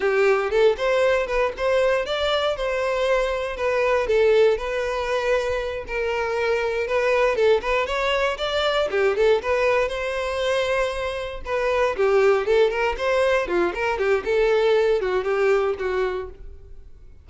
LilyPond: \new Staff \with { instrumentName = "violin" } { \time 4/4 \tempo 4 = 118 g'4 a'8 c''4 b'8 c''4 | d''4 c''2 b'4 | a'4 b'2~ b'8 ais'8~ | ais'4. b'4 a'8 b'8 cis''8~ |
cis''8 d''4 g'8 a'8 b'4 c''8~ | c''2~ c''8 b'4 g'8~ | g'8 a'8 ais'8 c''4 f'8 ais'8 g'8 | a'4. fis'8 g'4 fis'4 | }